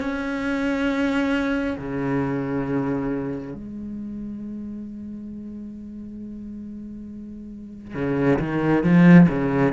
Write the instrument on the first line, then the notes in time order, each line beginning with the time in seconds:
cello
0.00 C#4
1.78 C#3
3.54 G#3
7.95 C#3
8.39 D#3
8.83 F3
9.28 C#3